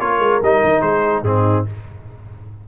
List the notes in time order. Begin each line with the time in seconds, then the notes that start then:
0.00 A#3 F4 A#4 C#5
0.19 G#3
0.42 G3 D#4 D#5
0.64 D#3
0.81 G#3 G#4 C5
1.23 G#2 C4 D#4 G#4